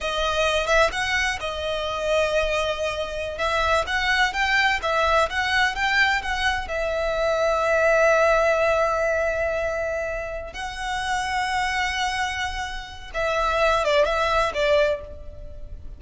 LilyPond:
\new Staff \with { instrumentName = "violin" } { \time 4/4 \tempo 4 = 128 dis''4. e''8 fis''4 dis''4~ | dis''2.~ dis''16 e''8.~ | e''16 fis''4 g''4 e''4 fis''8.~ | fis''16 g''4 fis''4 e''4.~ e''16~ |
e''1~ | e''2~ e''8 fis''4.~ | fis''1 | e''4. d''8 e''4 d''4 | }